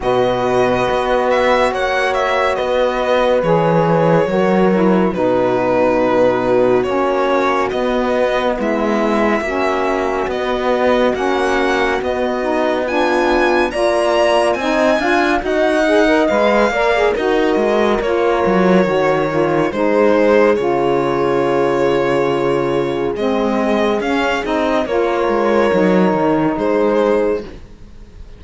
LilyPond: <<
  \new Staff \with { instrumentName = "violin" } { \time 4/4 \tempo 4 = 70 dis''4. e''8 fis''8 e''8 dis''4 | cis''2 b'2 | cis''4 dis''4 e''2 | dis''4 fis''4 dis''4 gis''4 |
ais''4 gis''4 fis''4 f''4 | dis''4 cis''2 c''4 | cis''2. dis''4 | f''8 dis''8 cis''2 c''4 | }
  \new Staff \with { instrumentName = "horn" } { \time 4/4 b'2 cis''4 b'4~ | b'4 ais'4 fis'2~ | fis'2 e'4 fis'4~ | fis'2. f'4 |
d''4 dis''8 f''8 dis''4. d''8 | ais'2. gis'4~ | gis'1~ | gis'4 ais'2 gis'4 | }
  \new Staff \with { instrumentName = "saxophone" } { \time 4/4 fis'1 | gis'4 fis'8 e'8 dis'2 | cis'4 b2 cis'4 | b4 cis'4 b8 dis'8 d'4 |
f'4 dis'8 f'8 fis'8 gis'16 ais'16 b'8 ais'16 gis'16 | fis'4 f'4 fis'8 f'8 dis'4 | f'2. c'4 | cis'8 dis'8 f'4 dis'2 | }
  \new Staff \with { instrumentName = "cello" } { \time 4/4 b,4 b4 ais4 b4 | e4 fis4 b,2 | ais4 b4 gis4 ais4 | b4 ais4 b2 |
ais4 c'8 d'8 dis'4 gis8 ais8 | dis'8 gis8 ais8 fis8 dis4 gis4 | cis2. gis4 | cis'8 c'8 ais8 gis8 fis8 dis8 gis4 | }
>>